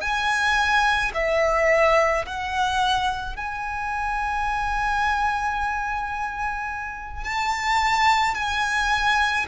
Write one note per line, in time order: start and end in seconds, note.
0.00 1.11 G#5
1.14 2.25 E5
2.26 3.36 F#5
3.36 7.24 G#5
7.24 8.34 A5
8.34 9.45 G#5